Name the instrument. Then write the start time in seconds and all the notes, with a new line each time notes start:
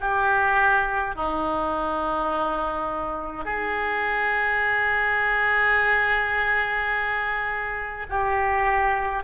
oboe
0.00 G4
1.15 D#4
3.45 G#4
8.09 G4